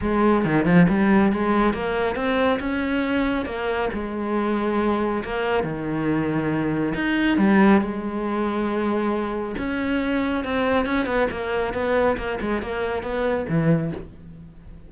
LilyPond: \new Staff \with { instrumentName = "cello" } { \time 4/4 \tempo 4 = 138 gis4 dis8 f8 g4 gis4 | ais4 c'4 cis'2 | ais4 gis2. | ais4 dis2. |
dis'4 g4 gis2~ | gis2 cis'2 | c'4 cis'8 b8 ais4 b4 | ais8 gis8 ais4 b4 e4 | }